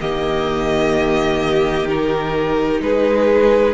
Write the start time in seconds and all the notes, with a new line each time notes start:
0.00 D#3 A#3 G4 D#5
1.88 D#4 A#4
2.81 G#3 G#4 B4